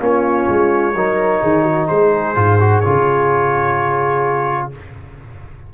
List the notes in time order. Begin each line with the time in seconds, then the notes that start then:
0.00 A#3 C#4 F4 C#5
0.49 G#3
0.95 F#3 D#4 A#4
1.42 D#3 G#4
1.63 F#4
1.88 G#3 G#4 C5
2.35 G#2 F4
2.60 F#4
2.81 C#3 F4 C#5